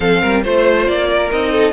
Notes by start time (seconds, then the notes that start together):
0.00 F3 C4 A4 F5
0.21 G3 A#4
0.42 A3 F4 C5
0.86 A#3 D5
1.09 A#4
1.30 C4 D#4 D#5
1.51 A4